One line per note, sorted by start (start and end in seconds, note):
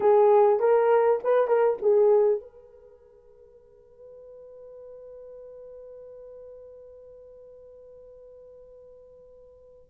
0.00 0.59 G#4
0.59 1.19 A#4
1.23 1.47 B4
1.47 1.77 A#4
1.82 2.40 G#4
2.40 9.90 B4